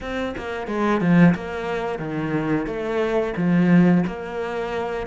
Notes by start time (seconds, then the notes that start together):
0.01 C4
0.37 A#3
0.67 G#3
1.01 F3
1.34 A#3
1.99 D#3
2.66 A3
3.36 F3
4.06 A#3